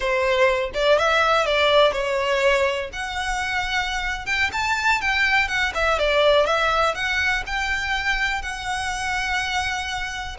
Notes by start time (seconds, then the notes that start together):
0.00 C5
0.73 D5
0.98 E5
1.45 D5
1.92 C#5
2.92 F#5
4.26 G5
4.52 A5
5.01 G5
5.48 F#5
5.74 E5
5.98 D5
6.46 E5
6.94 F#5
7.46 G5
8.41 F#5